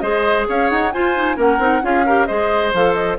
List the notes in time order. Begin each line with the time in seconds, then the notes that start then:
0.00 G#3 G#4 C5 D#5
0.48 C#4 C#5 F5
0.70 D#4 F#5
0.92 F4 C5 G#5
1.15 D#4
1.36 A#3 C#4 A#4 F#5
1.58 C4 D#4
1.82 C#4 F4 G#4 F5
2.05 G4 A#4
2.26 G#3 G#4 C5 D#5
2.72 F3 A4 F5
2.93 D#5